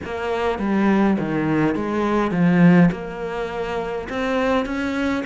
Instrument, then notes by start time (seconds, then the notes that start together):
cello
0.04 A#3
0.59 G3
1.18 D#3
1.75 G#3
2.31 F3
2.91 A#3
4.09 C4
4.65 C#4